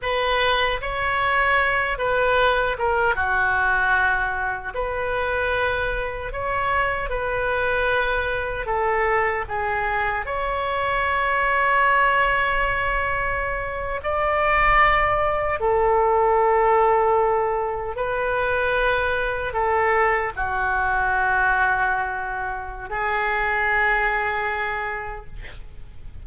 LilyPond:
\new Staff \with { instrumentName = "oboe" } { \time 4/4 \tempo 4 = 76 b'4 cis''4. b'4 ais'8 | fis'2 b'2 | cis''4 b'2 a'4 | gis'4 cis''2.~ |
cis''4.~ cis''16 d''2 a'16~ | a'2~ a'8. b'4~ b'16~ | b'8. a'4 fis'2~ fis'16~ | fis'4 gis'2. | }